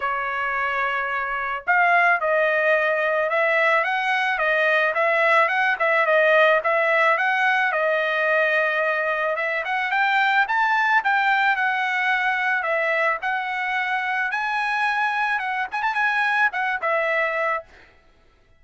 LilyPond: \new Staff \with { instrumentName = "trumpet" } { \time 4/4 \tempo 4 = 109 cis''2. f''4 | dis''2 e''4 fis''4 | dis''4 e''4 fis''8 e''8 dis''4 | e''4 fis''4 dis''2~ |
dis''4 e''8 fis''8 g''4 a''4 | g''4 fis''2 e''4 | fis''2 gis''2 | fis''8 gis''16 a''16 gis''4 fis''8 e''4. | }